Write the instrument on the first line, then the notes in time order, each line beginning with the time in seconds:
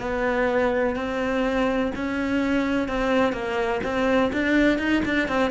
cello
0.00 B3
0.96 C4
1.96 C#4
2.88 C4
3.33 A#3
3.83 C4
4.33 D4
4.78 D#4
5.05 D4
5.28 C4